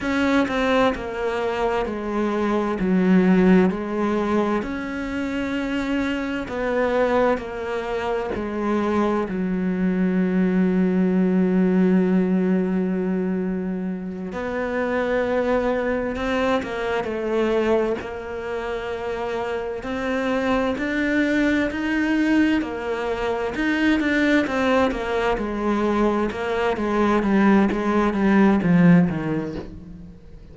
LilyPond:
\new Staff \with { instrumentName = "cello" } { \time 4/4 \tempo 4 = 65 cis'8 c'8 ais4 gis4 fis4 | gis4 cis'2 b4 | ais4 gis4 fis2~ | fis2.~ fis8 b8~ |
b4. c'8 ais8 a4 ais8~ | ais4. c'4 d'4 dis'8~ | dis'8 ais4 dis'8 d'8 c'8 ais8 gis8~ | gis8 ais8 gis8 g8 gis8 g8 f8 dis8 | }